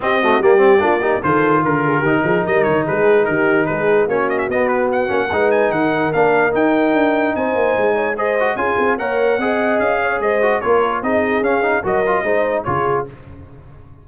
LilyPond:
<<
  \new Staff \with { instrumentName = "trumpet" } { \time 4/4 \tempo 4 = 147 dis''4 d''2 c''4 | ais'2 dis''8 cis''8 b'4 | ais'4 b'4 cis''8 dis''16 e''16 dis''8 b'8 | fis''4. gis''8 fis''4 f''4 |
g''2 gis''2 | dis''4 gis''4 fis''2 | f''4 dis''4 cis''4 dis''4 | f''4 dis''2 cis''4 | }
  \new Staff \with { instrumentName = "horn" } { \time 4/4 g'8 fis'8 g'4 f'8 g'8 a'4 | ais'8 gis'8 g'8 gis'8 ais'4 gis'4 | g'4 gis'4 fis'2~ | fis'4 b'4 ais'2~ |
ais'2 c''4. cis''8 | c''4 gis'4 cis''4 dis''4~ | dis''8 cis''8 c''4 ais'4 gis'4~ | gis'4 ais'4 c''4 gis'4 | }
  \new Staff \with { instrumentName = "trombone" } { \time 4/4 c'8 a8 ais8 c'8 d'8 dis'8 f'4~ | f'4 dis'2.~ | dis'2 cis'4 b4~ | b8 cis'8 dis'2 d'4 |
dis'1 | gis'8 fis'8 f'4 ais'4 gis'4~ | gis'4. fis'8 f'4 dis'4 | cis'8 dis'8 fis'8 f'8 dis'4 f'4 | }
  \new Staff \with { instrumentName = "tuba" } { \time 4/4 c'4 g4 ais4 dis4 | d4 dis8 f8 g8 dis8 gis4 | dis4 gis4 ais4 b4~ | b8 ais8 gis4 dis4 ais4 |
dis'4 d'4 c'8 ais8 gis4~ | gis4 cis'8 c'8 ais4 c'4 | cis'4 gis4 ais4 c'4 | cis'4 fis4 gis4 cis4 | }
>>